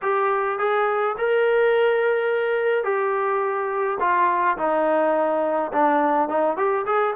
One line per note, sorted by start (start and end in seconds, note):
0.02 0.59 G4
0.59 1.16 G#4
1.17 2.83 A#4
2.83 3.98 G4
4.00 4.57 F4
4.57 5.71 D#4
5.72 6.28 D4
6.28 6.56 D#4
6.56 6.85 G4
6.86 7.14 G#4